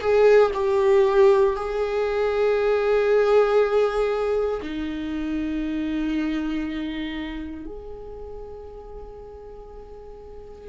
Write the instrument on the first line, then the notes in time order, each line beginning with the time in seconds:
viola
0.00 G#4
0.54 G4
1.56 G#4
4.62 D#4
7.65 G#4